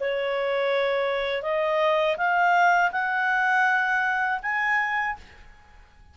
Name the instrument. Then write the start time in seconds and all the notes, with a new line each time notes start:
clarinet
0.00 C#5
1.42 D#5
2.17 F5
2.92 F#5
4.43 G#5